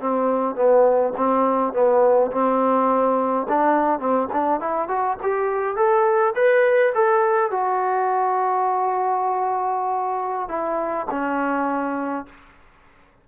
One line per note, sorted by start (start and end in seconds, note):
0.00 0.55 C4
0.55 1.13 B3
1.17 1.73 C4
1.73 2.31 B3
2.32 3.47 C4
3.49 3.99 D4
3.99 4.28 C4
4.32 4.60 D4
4.60 4.88 E4
4.88 5.17 F#4
5.22 5.76 G4
5.76 6.34 A4
6.35 6.93 B4
6.94 7.51 A4
7.51 10.49 F#4
10.49 11.06 E4
11.10 12.26 C#4